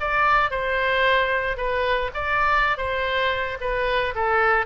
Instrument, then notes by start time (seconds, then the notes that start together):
oboe
0.00 D5
0.51 C5
1.57 B4
2.14 D5
2.77 C5
3.60 B4
4.15 A4